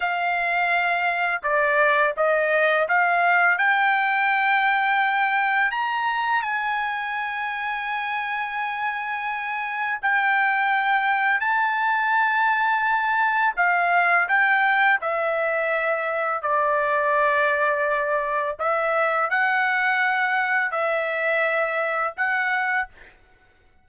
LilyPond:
\new Staff \with { instrumentName = "trumpet" } { \time 4/4 \tempo 4 = 84 f''2 d''4 dis''4 | f''4 g''2. | ais''4 gis''2.~ | gis''2 g''2 |
a''2. f''4 | g''4 e''2 d''4~ | d''2 e''4 fis''4~ | fis''4 e''2 fis''4 | }